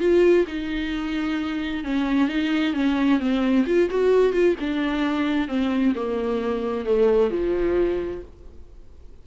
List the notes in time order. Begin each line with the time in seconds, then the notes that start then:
0.00 F4
0.48 D#4
1.84 C#4
2.29 D#4
2.74 C#4
3.20 C4
3.67 F4
3.90 F#4
4.33 F4
4.60 D4
5.48 C4
5.96 A#3
6.86 A3
7.31 F3